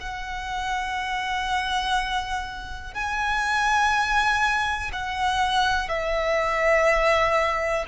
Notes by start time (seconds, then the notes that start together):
0.00 F#5
2.94 G#5
4.92 F#5
5.88 E5